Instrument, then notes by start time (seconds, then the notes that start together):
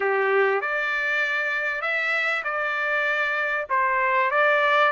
trumpet
0.00 G4
0.61 D5
1.81 E5
2.44 D5
3.69 C5
4.30 D5